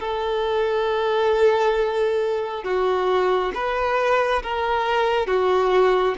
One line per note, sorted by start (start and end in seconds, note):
0.00 2.64 A4
2.64 3.52 F#4
3.55 4.43 B4
4.43 5.27 A#4
5.27 6.15 F#4